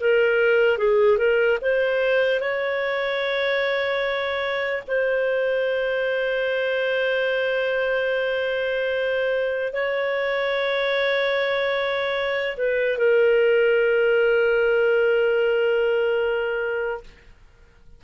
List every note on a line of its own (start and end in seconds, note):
0.00 0.77 A#4
0.77 1.17 G#4
1.17 1.58 A#4
1.61 2.40 C5
2.40 4.83 C#5
4.87 9.73 C5
9.73 12.56 C#5
12.57 12.97 B4
12.98 17.03 A#4